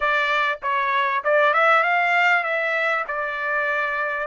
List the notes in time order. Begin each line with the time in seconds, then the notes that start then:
0.00 D5
0.62 C#5
1.24 D5
1.53 E5
1.83 F5
2.43 E5
3.07 D5